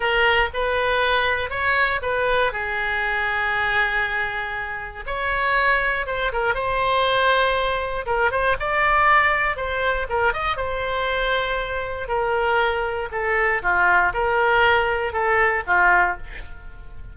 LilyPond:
\new Staff \with { instrumentName = "oboe" } { \time 4/4 \tempo 4 = 119 ais'4 b'2 cis''4 | b'4 gis'2.~ | gis'2 cis''2 | c''8 ais'8 c''2. |
ais'8 c''8 d''2 c''4 | ais'8 dis''8 c''2. | ais'2 a'4 f'4 | ais'2 a'4 f'4 | }